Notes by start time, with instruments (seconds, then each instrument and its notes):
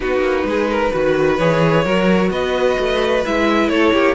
0.00 cello B3, viola D#4, violin F#4 B4
0.20 cello A#3
0.44 cello G#3, violin G#4
0.70 violin A#4
0.92 cello D#3, viola F#4, violin B4
1.37 cello E3, viola G#4, violin C#5
1.84 cello F#3, viola F#4, violin A#4
2.29 cello B3, violin B4 D#5
2.79 cello A3
3.25 cello G#3, viola E4, violin E5
3.68 cello A3, violin A4 C#5
3.92 cello A#3, violin G4